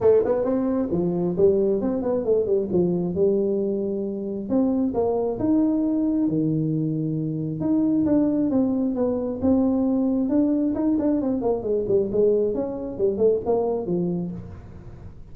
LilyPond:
\new Staff \with { instrumentName = "tuba" } { \time 4/4 \tempo 4 = 134 a8 b8 c'4 f4 g4 | c'8 b8 a8 g8 f4 g4~ | g2 c'4 ais4 | dis'2 dis2~ |
dis4 dis'4 d'4 c'4 | b4 c'2 d'4 | dis'8 d'8 c'8 ais8 gis8 g8 gis4 | cis'4 g8 a8 ais4 f4 | }